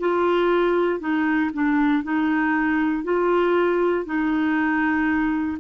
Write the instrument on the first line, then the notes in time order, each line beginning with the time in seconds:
clarinet
0.00 F4
1.00 D#4
1.54 D4
2.04 D#4
3.05 F4
4.06 D#4